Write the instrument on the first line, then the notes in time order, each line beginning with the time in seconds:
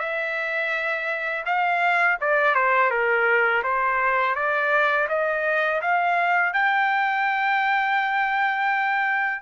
trumpet
0.00 E5
1.46 F5
2.21 D5
2.55 C5
2.91 A#4
3.63 C5
4.35 D5
5.09 D#5
5.82 F5
6.53 G5